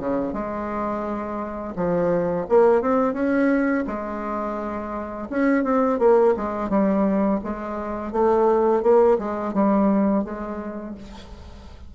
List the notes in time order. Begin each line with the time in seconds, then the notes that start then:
0.00 C#3
0.33 G#3
1.76 F3
2.50 A#3
2.82 C4
3.14 C#4
3.88 G#3
5.30 C#4
5.64 C4
5.99 A#3
6.37 G#3
6.70 G3
7.44 G#3
8.13 A3
8.83 A#3
9.19 G#3
9.54 G3
10.24 G#3